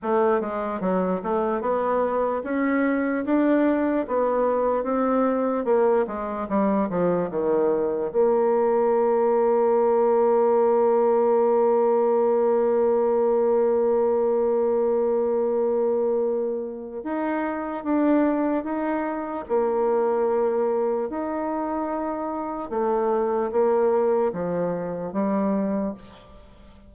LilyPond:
\new Staff \with { instrumentName = "bassoon" } { \time 4/4 \tempo 4 = 74 a8 gis8 fis8 a8 b4 cis'4 | d'4 b4 c'4 ais8 gis8 | g8 f8 dis4 ais2~ | ais1~ |
ais1~ | ais4 dis'4 d'4 dis'4 | ais2 dis'2 | a4 ais4 f4 g4 | }